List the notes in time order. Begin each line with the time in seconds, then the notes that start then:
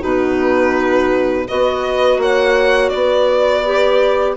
0.00 B2 D#4 F#4 B4
1.47 B3 F#4 B4 D#5
2.17 A#3 C#5 F#5
2.89 B3 D5
2.97 B4
3.65 G4